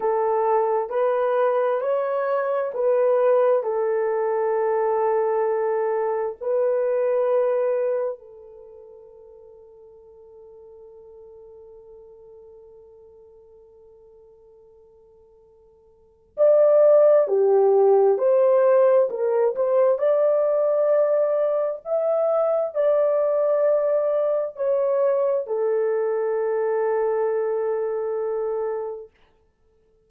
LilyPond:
\new Staff \with { instrumentName = "horn" } { \time 4/4 \tempo 4 = 66 a'4 b'4 cis''4 b'4 | a'2. b'4~ | b'4 a'2.~ | a'1~ |
a'2 d''4 g'4 | c''4 ais'8 c''8 d''2 | e''4 d''2 cis''4 | a'1 | }